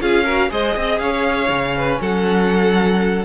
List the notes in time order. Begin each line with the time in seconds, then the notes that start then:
0.00 C#4 F4 G#4 F5
0.24 F#4 A#4
0.49 G#3 G#4 C5 D#5
0.75 C4 D#5
0.98 C#4 C#5 F5
1.48 C#3 C#4
1.77 B4
2.01 F#3 A4 F#5